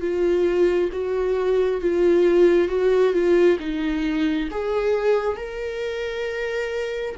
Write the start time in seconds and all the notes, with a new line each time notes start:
0.00 F4
0.92 F#4
1.81 F4
2.68 F#4
3.13 F4
3.59 D#4
4.51 G#4
5.36 A#4